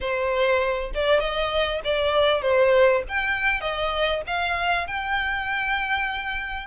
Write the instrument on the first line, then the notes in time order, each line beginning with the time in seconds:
violin
0.00 C5
0.94 D5
1.20 D#5
1.84 D5
2.41 C5
3.08 G5
3.61 D#5
4.26 F5
4.87 G5